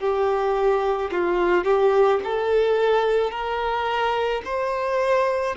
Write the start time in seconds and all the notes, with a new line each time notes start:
0.00 G4
1.12 F4
1.65 G4
2.24 A4
3.31 A#4
4.45 C5